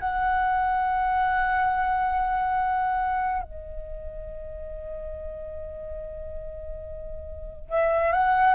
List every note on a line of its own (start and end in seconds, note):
0.00 3.43 F#5
3.43 7.70 D#5
7.70 8.13 E5
8.13 8.55 F#5